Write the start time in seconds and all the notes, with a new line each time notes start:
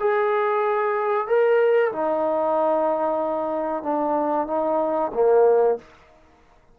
0.00 G#4
1.28 A#4
1.92 D#4
3.83 D4
4.47 D#4
5.14 A#3